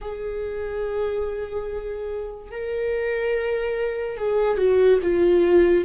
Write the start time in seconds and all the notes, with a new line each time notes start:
0.01 G#4
2.51 A#4
4.17 G#4
4.57 F#4
5.02 F4